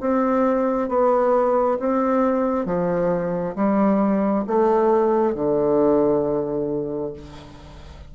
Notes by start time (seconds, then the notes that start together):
0.00 C4
0.88 B3
1.79 C4
2.65 F3
3.55 G3
4.47 A3
5.34 D3